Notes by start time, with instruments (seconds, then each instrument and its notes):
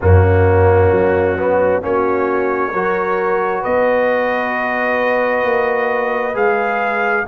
0.01 tuba F#2, trombone A#3, horn C#4, trumpet F#4
0.91 tuba F#3
1.37 trombone B3
1.81 tuba A#3, trombone C#4, horn F#4, trumpet C#5
2.71 tuba F#3, trombone F#4, horn A#4
3.61 tuba B3, horn B4, trumpet D#5
5.44 tuba A#3
6.34 tuba G#3, trombone G#4, trumpet F5